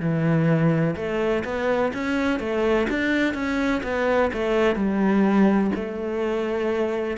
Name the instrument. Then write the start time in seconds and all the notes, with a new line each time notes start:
cello
0.00 E3
0.96 A3
1.45 B3
1.94 C#4
2.39 A3
2.90 D4
3.34 C#4
3.83 B3
4.33 A3
4.76 G3
5.75 A3